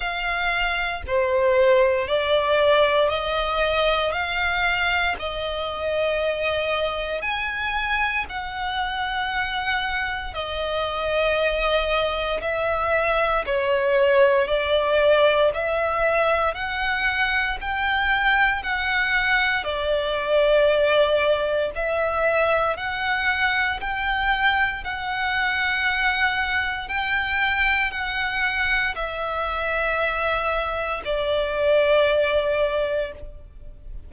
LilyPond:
\new Staff \with { instrumentName = "violin" } { \time 4/4 \tempo 4 = 58 f''4 c''4 d''4 dis''4 | f''4 dis''2 gis''4 | fis''2 dis''2 | e''4 cis''4 d''4 e''4 |
fis''4 g''4 fis''4 d''4~ | d''4 e''4 fis''4 g''4 | fis''2 g''4 fis''4 | e''2 d''2 | }